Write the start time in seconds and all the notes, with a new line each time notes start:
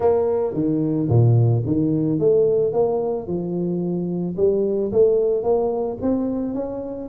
0.00 A#3
0.53 D#3
1.08 A#2
1.66 D#3
2.19 A3
2.72 A#3
3.27 F3
4.37 G3
4.92 A3
5.43 A#3
6.01 C4
6.54 C#4